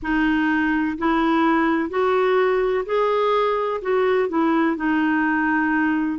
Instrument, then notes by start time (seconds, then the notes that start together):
clarinet
0.02 D#4
0.97 E4
1.89 F#4
2.85 G#4
3.81 F#4
4.29 E4
4.76 D#4